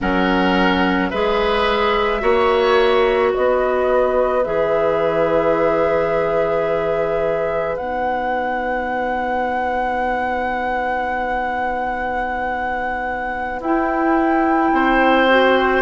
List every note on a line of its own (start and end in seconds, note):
0.00 1.12 F#3
0.00 1.12 C#4
0.00 1.10 A#4
0.00 1.10 F#5
1.10 2.22 G#3
1.10 2.19 G#4
1.10 2.21 B4
1.10 3.32 E5
2.19 3.33 A#3
2.19 4.42 F#4
2.19 3.31 C#5
3.31 4.46 B3
3.31 14.70 B4
3.31 4.44 D#5
4.44 7.78 E3
4.44 7.78 G#4
4.44 7.76 E5
7.76 13.60 B3
7.76 13.61 D#4
7.76 13.59 F#5
13.60 14.71 E4
13.60 15.28 E4
13.60 15.81 G5
14.72 15.81 C4
14.72 15.81 C5
15.28 15.81 F#4